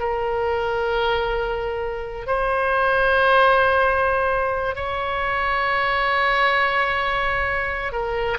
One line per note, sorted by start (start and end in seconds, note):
0.00 2.27 A#4
2.27 4.76 C5
4.76 7.93 C#5
7.93 8.38 A#4